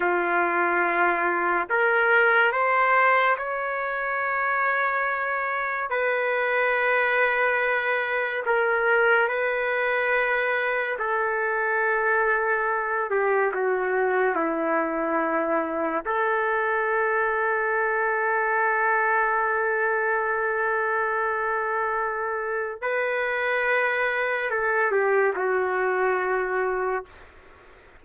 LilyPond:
\new Staff \with { instrumentName = "trumpet" } { \time 4/4 \tempo 4 = 71 f'2 ais'4 c''4 | cis''2. b'4~ | b'2 ais'4 b'4~ | b'4 a'2~ a'8 g'8 |
fis'4 e'2 a'4~ | a'1~ | a'2. b'4~ | b'4 a'8 g'8 fis'2 | }